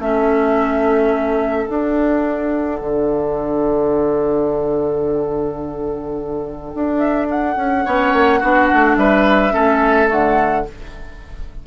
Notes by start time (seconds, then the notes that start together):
0.00 A3 C#4 A4 E5
1.68 D4 F#5
2.81 D3
6.75 D4
6.99 E5
7.31 F#5
7.57 C#4
7.85 B3 C#4 C#5
8.13 A#3
8.40 B3 D4 F#4
8.74 A3
8.97 G3 B4 E5
9.52 A3 C#4 A4
10.08 D3 A3 F#5